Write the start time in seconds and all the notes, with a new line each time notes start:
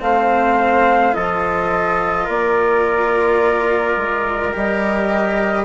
0.00 A3 C4 C5 F5
1.12 F3 F4 A4 D#5
2.25 A#3 A#4 D5
3.97 G#3
4.53 G3 G4 D#5